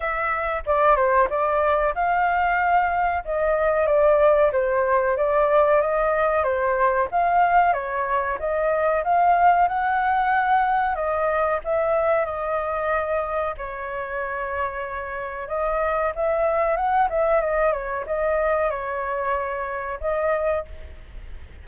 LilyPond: \new Staff \with { instrumentName = "flute" } { \time 4/4 \tempo 4 = 93 e''4 d''8 c''8 d''4 f''4~ | f''4 dis''4 d''4 c''4 | d''4 dis''4 c''4 f''4 | cis''4 dis''4 f''4 fis''4~ |
fis''4 dis''4 e''4 dis''4~ | dis''4 cis''2. | dis''4 e''4 fis''8 e''8 dis''8 cis''8 | dis''4 cis''2 dis''4 | }